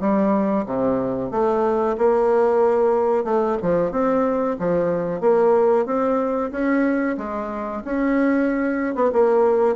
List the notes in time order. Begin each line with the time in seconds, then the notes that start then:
0.00 G3
0.66 C3
1.31 A3
1.98 A#3
3.24 A3
3.62 F3
3.92 C4
4.59 F3
5.21 A#3
5.86 C4
6.52 C#4
7.17 G#3
7.85 C#4
8.95 B3
9.13 A#3